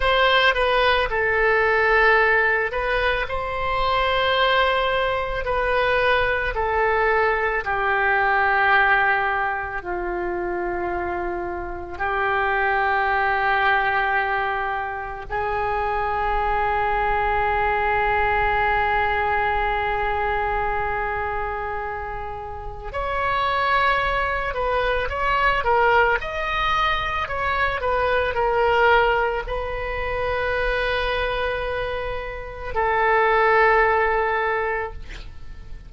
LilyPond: \new Staff \with { instrumentName = "oboe" } { \time 4/4 \tempo 4 = 55 c''8 b'8 a'4. b'8 c''4~ | c''4 b'4 a'4 g'4~ | g'4 f'2 g'4~ | g'2 gis'2~ |
gis'1~ | gis'4 cis''4. b'8 cis''8 ais'8 | dis''4 cis''8 b'8 ais'4 b'4~ | b'2 a'2 | }